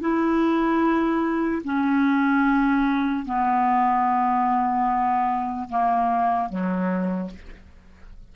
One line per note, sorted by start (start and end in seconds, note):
0.00 1.62 E4
1.64 3.25 C#4
3.25 5.69 B3
5.69 6.49 A#3
6.49 7.30 F#3